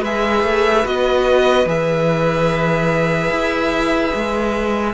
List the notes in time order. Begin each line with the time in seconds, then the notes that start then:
0.00 G#3 G#4 B4 E5
0.43 A3
0.84 B3 F#4 D#5
1.65 E3 G#4 E5
3.30 E4
4.15 G#3